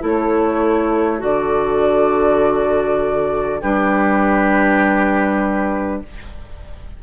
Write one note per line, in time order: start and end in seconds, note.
0.00 1.22 A3
0.00 1.19 E4
0.00 3.60 A4
0.00 1.22 C#5
1.19 3.62 D3
1.19 3.58 F#4
1.19 3.62 D5
3.60 6.03 G3
3.60 6.03 D4
3.60 6.00 G4
3.60 6.02 B4